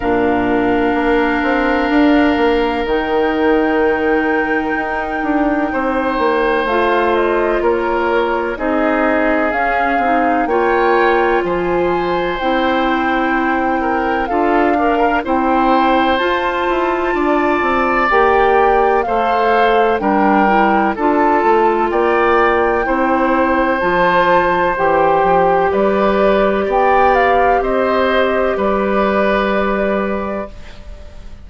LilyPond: <<
  \new Staff \with { instrumentName = "flute" } { \time 4/4 \tempo 4 = 63 f''2. g''4~ | g''2. f''8 dis''8 | cis''4 dis''4 f''4 g''4 | gis''4 g''2 f''4 |
g''4 a''2 g''4 | f''4 g''4 a''4 g''4~ | g''4 a''4 g''4 d''4 | g''8 f''8 dis''4 d''2 | }
  \new Staff \with { instrumentName = "oboe" } { \time 4/4 ais'1~ | ais'2 c''2 | ais'4 gis'2 cis''4 | c''2~ c''8 ais'8 a'8 d'16 ais'16 |
c''2 d''2 | c''4 ais'4 a'4 d''4 | c''2. b'4 | d''4 c''4 b'2 | }
  \new Staff \with { instrumentName = "clarinet" } { \time 4/4 d'2. dis'4~ | dis'2. f'4~ | f'4 dis'4 cis'8 dis'8 f'4~ | f'4 e'2 f'8 ais'8 |
e'4 f'2 g'4 | a'4 d'8 e'8 f'2 | e'4 f'4 g'2~ | g'1 | }
  \new Staff \with { instrumentName = "bassoon" } { \time 4/4 ais,4 ais8 c'8 d'8 ais8 dis4~ | dis4 dis'8 d'8 c'8 ais8 a4 | ais4 c'4 cis'8 c'8 ais4 | f4 c'2 d'4 |
c'4 f'8 e'8 d'8 c'8 ais4 | a4 g4 d'8 a8 ais4 | c'4 f4 e8 f8 g4 | b4 c'4 g2 | }
>>